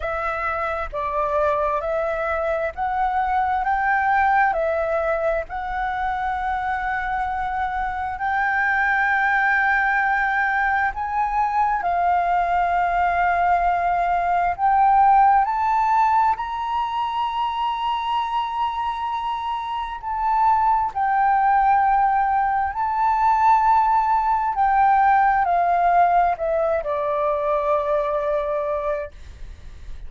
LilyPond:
\new Staff \with { instrumentName = "flute" } { \time 4/4 \tempo 4 = 66 e''4 d''4 e''4 fis''4 | g''4 e''4 fis''2~ | fis''4 g''2. | gis''4 f''2. |
g''4 a''4 ais''2~ | ais''2 a''4 g''4~ | g''4 a''2 g''4 | f''4 e''8 d''2~ d''8 | }